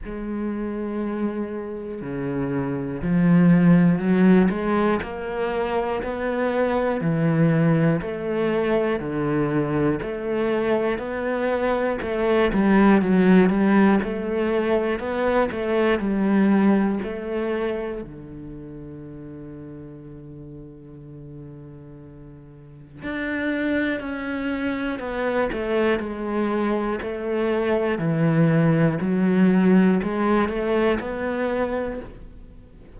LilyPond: \new Staff \with { instrumentName = "cello" } { \time 4/4 \tempo 4 = 60 gis2 cis4 f4 | fis8 gis8 ais4 b4 e4 | a4 d4 a4 b4 | a8 g8 fis8 g8 a4 b8 a8 |
g4 a4 d2~ | d2. d'4 | cis'4 b8 a8 gis4 a4 | e4 fis4 gis8 a8 b4 | }